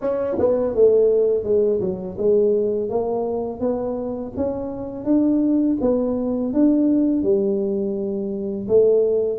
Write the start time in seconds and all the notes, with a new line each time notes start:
0.01 C#4
0.38 B3
0.74 A3
1.43 G#3
1.80 F#3
2.18 G#3
2.89 A#3
3.59 B3
4.36 C#4
5.04 D4
5.80 B3
6.53 D4
7.22 G3
8.67 A3